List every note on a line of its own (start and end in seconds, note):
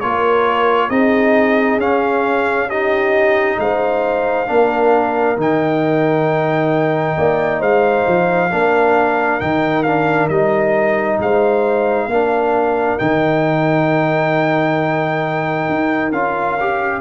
0.00 0.89 A#3
0.00 0.90 F4
0.00 0.89 A#4
0.00 0.90 C#5
0.89 1.76 C4
0.89 1.79 D#4
0.89 2.68 G#4
0.89 1.79 D#5
1.76 3.55 C#4
1.76 2.69 C#4
1.76 2.69 F5
2.68 4.46 D#4
2.68 3.57 G4
2.68 3.59 D#5
3.58 4.48 G#3
3.58 4.50 C5
3.58 5.39 F5
4.46 5.37 A#3
4.46 5.36 D4
4.46 7.17 A#4
5.36 7.16 D#3
5.36 8.50 D#4
5.36 7.61 G5
7.17 7.61 A#3
7.17 7.60 D5
7.60 8.06 G#3
7.60 8.49 C5
7.60 9.40 F5
8.07 8.51 F3
8.51 9.40 A#3
8.51 9.40 D4
8.51 11.21 A#4
9.40 10.29 D#3
9.40 9.85 D#4
9.40 9.82 G5
9.82 10.30 D4
9.82 10.27 F5
10.28 11.18 G3
10.28 12.10 D#4
10.28 11.18 D#5
11.18 12.06 G#3
11.18 12.07 C5
11.18 12.98 F5
12.06 12.96 A#3
12.06 12.99 D4
12.06 16.99 A#4
12.98 15.69 D#3
12.98 16.12 D#4
12.98 16.12 G5
15.69 16.11 D#4
16.11 17.00 C#4
16.11 16.58 F4
16.11 17.00 F5
16.60 17.00 G4